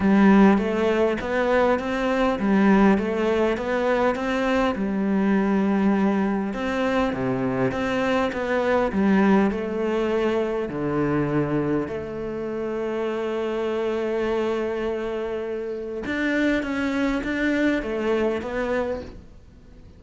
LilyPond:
\new Staff \with { instrumentName = "cello" } { \time 4/4 \tempo 4 = 101 g4 a4 b4 c'4 | g4 a4 b4 c'4 | g2. c'4 | c4 c'4 b4 g4 |
a2 d2 | a1~ | a2. d'4 | cis'4 d'4 a4 b4 | }